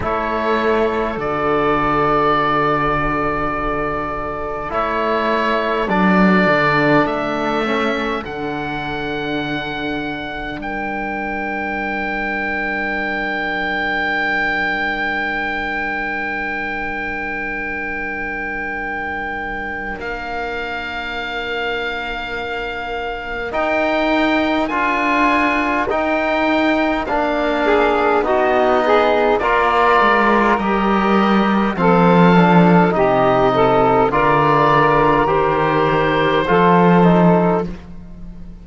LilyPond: <<
  \new Staff \with { instrumentName = "oboe" } { \time 4/4 \tempo 4 = 51 cis''4 d''2. | cis''4 d''4 e''4 fis''4~ | fis''4 g''2.~ | g''1~ |
g''4 f''2. | g''4 gis''4 g''4 f''4 | dis''4 d''4 dis''4 f''4 | dis''4 d''4 c''2 | }
  \new Staff \with { instrumentName = "saxophone" } { \time 4/4 a'1~ | a'1~ | a'4 ais'2.~ | ais'1~ |
ais'1~ | ais'2.~ ais'8 gis'8 | fis'8 gis'8 ais'2 a'4 | g'8 a'8 ais'2 a'4 | }
  \new Staff \with { instrumentName = "trombone" } { \time 4/4 e'4 fis'2. | e'4 d'4. cis'8 d'4~ | d'1~ | d'1~ |
d'1 | dis'4 f'4 dis'4 d'4 | dis'4 f'4 g'4 c'8 d'8 | dis'4 f'4 g'4 f'8 dis'8 | }
  \new Staff \with { instrumentName = "cello" } { \time 4/4 a4 d2. | a4 fis8 d8 a4 d4~ | d4 g2.~ | g1~ |
g4 ais2. | dis'4 d'4 dis'4 ais4 | b4 ais8 gis8 g4 f4 | c4 d4 dis4 f4 | }
>>